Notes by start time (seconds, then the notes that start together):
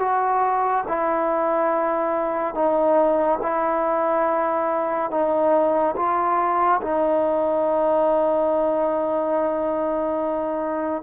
0.00 F#4
0.88 E4
2.55 D#4
3.43 E4
5.11 D#4
5.97 F4
6.82 D#4